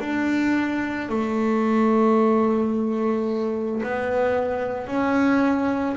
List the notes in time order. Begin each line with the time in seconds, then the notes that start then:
0.00 D4
1.10 A3
3.83 B3
4.87 C#4